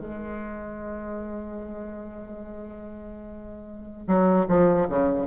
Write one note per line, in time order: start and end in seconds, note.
0.00 4.08 G#3
4.08 4.47 F#3
4.49 4.88 F3
4.89 5.27 C#3